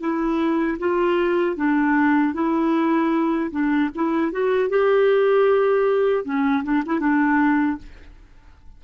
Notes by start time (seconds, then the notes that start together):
0.00 E4
0.79 F4
1.56 D4
2.34 E4
3.51 D4
3.95 E4
4.32 F#4
4.70 G4
6.24 C#4
6.64 D4
6.86 E4
7.00 D4